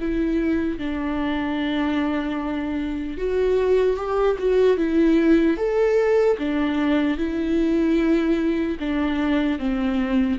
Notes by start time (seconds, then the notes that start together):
0.00 E4
0.79 D4
3.18 F#4
3.97 G4
4.39 F#4
4.77 E4
5.57 A4
6.39 D4
7.18 E4
8.80 D4
9.59 C4